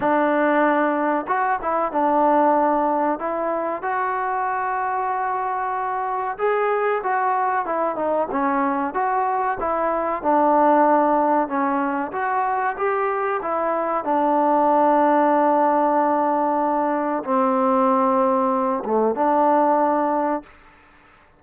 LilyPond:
\new Staff \with { instrumentName = "trombone" } { \time 4/4 \tempo 4 = 94 d'2 fis'8 e'8 d'4~ | d'4 e'4 fis'2~ | fis'2 gis'4 fis'4 | e'8 dis'8 cis'4 fis'4 e'4 |
d'2 cis'4 fis'4 | g'4 e'4 d'2~ | d'2. c'4~ | c'4. a8 d'2 | }